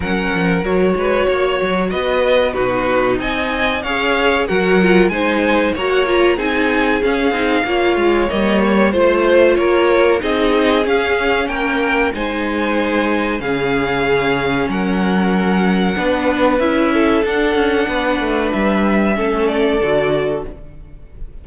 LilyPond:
<<
  \new Staff \with { instrumentName = "violin" } { \time 4/4 \tempo 4 = 94 fis''4 cis''2 dis''4 | b'4 gis''4 f''4 fis''4 | gis''4 ais''16 fis''16 ais''8 gis''4 f''4~ | f''4 dis''8 cis''8 c''4 cis''4 |
dis''4 f''4 g''4 gis''4~ | gis''4 f''2 fis''4~ | fis''2 e''4 fis''4~ | fis''4 e''4. d''4. | }
  \new Staff \with { instrumentName = "violin" } { \time 4/4 ais'4. b'8 cis''4 b'4 | fis'4 dis''4 cis''4 ais'4 | c''4 cis''4 gis'2 | cis''2 c''4 ais'4 |
gis'2 ais'4 c''4~ | c''4 gis'2 ais'4~ | ais'4 b'4. a'4. | b'2 a'2 | }
  \new Staff \with { instrumentName = "viola" } { \time 4/4 cis'4 fis'2. | dis'2 gis'4 fis'8 f'8 | dis'4 fis'8 f'8 dis'4 cis'8 dis'8 | f'4 ais4 f'2 |
dis'4 cis'2 dis'4~ | dis'4 cis'2.~ | cis'4 d'4 e'4 d'4~ | d'2 cis'4 fis'4 | }
  \new Staff \with { instrumentName = "cello" } { \time 4/4 fis8 f8 fis8 gis8 ais8 fis8 b4 | b,4 c'4 cis'4 fis4 | gis4 ais4 c'4 cis'8 c'8 | ais8 gis8 g4 a4 ais4 |
c'4 cis'4 ais4 gis4~ | gis4 cis2 fis4~ | fis4 b4 cis'4 d'8 cis'8 | b8 a8 g4 a4 d4 | }
>>